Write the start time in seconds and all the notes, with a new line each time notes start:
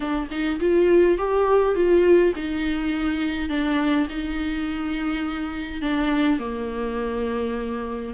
0.00 D4
0.30 D#4
0.60 F4
1.18 G4
1.75 F4
2.35 D#4
3.49 D4
4.09 D#4
5.81 D4
6.39 A#3